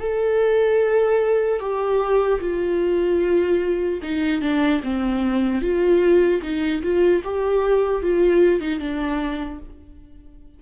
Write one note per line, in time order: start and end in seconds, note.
0.00 1.60 A4
1.60 2.40 G4
2.40 4.00 F4
4.03 4.41 D#4
4.41 4.81 D4
4.83 5.61 C4
5.61 6.41 F4
6.42 6.82 D#4
6.83 7.23 F4
7.24 8.03 G4
8.03 8.61 F4
8.61 8.79 D#4
8.79 9.60 D4